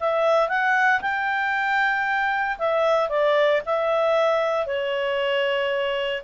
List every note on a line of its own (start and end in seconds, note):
0.00 0.49 E5
0.49 1.01 F#5
1.01 2.58 G5
2.58 3.09 E5
3.09 3.61 D5
3.65 4.66 E5
4.66 6.23 C#5